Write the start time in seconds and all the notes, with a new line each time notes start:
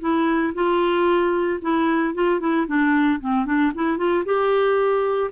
0.00 E4
0.54 F4
1.61 E4
2.14 F4
2.39 E4
2.67 D4
3.20 C4
3.45 D4
3.74 E4
3.97 F4
4.25 G4